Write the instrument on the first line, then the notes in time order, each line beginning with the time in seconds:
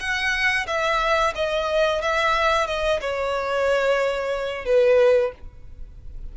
violin
0.00 F#5
0.67 E5
1.35 D#5
2.02 E5
2.67 D#5
3.01 C#5
4.66 B4